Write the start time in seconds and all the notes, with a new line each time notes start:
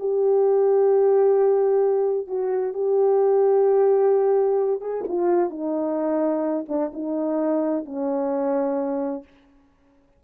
0.00 G4
2.28 F#4
2.74 G4
4.81 G#4
5.09 F4
5.51 D#4
6.69 D4
6.94 D#4
7.86 C#4